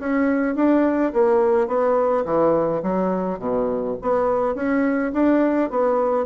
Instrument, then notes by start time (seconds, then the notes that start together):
bassoon
0.00 C#4
0.56 D4
1.14 A#3
1.68 B3
2.25 E3
2.83 F#3
3.39 B2
4.02 B3
4.55 C#4
5.14 D4
5.71 B3